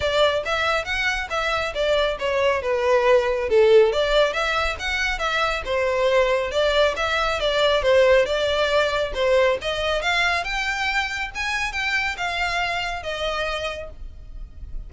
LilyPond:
\new Staff \with { instrumentName = "violin" } { \time 4/4 \tempo 4 = 138 d''4 e''4 fis''4 e''4 | d''4 cis''4 b'2 | a'4 d''4 e''4 fis''4 | e''4 c''2 d''4 |
e''4 d''4 c''4 d''4~ | d''4 c''4 dis''4 f''4 | g''2 gis''4 g''4 | f''2 dis''2 | }